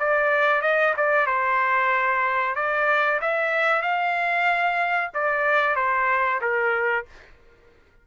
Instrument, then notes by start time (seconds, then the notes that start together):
trumpet
0.00 D5
0.62 D#5
0.97 D5
1.27 C5
2.56 D5
3.22 E5
3.82 F5
5.14 D5
5.76 C5
6.41 A#4